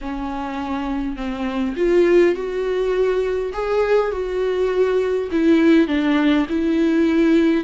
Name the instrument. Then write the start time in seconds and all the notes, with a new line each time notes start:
viola
0.01 C#4
1.16 C4
1.76 F4
2.35 F#4
3.53 G#4
4.11 F#4
5.31 E4
5.87 D4
6.49 E4